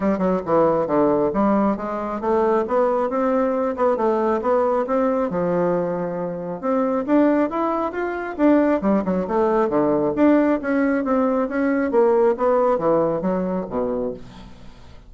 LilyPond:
\new Staff \with { instrumentName = "bassoon" } { \time 4/4 \tempo 4 = 136 g8 fis8 e4 d4 g4 | gis4 a4 b4 c'4~ | c'8 b8 a4 b4 c'4 | f2. c'4 |
d'4 e'4 f'4 d'4 | g8 fis8 a4 d4 d'4 | cis'4 c'4 cis'4 ais4 | b4 e4 fis4 b,4 | }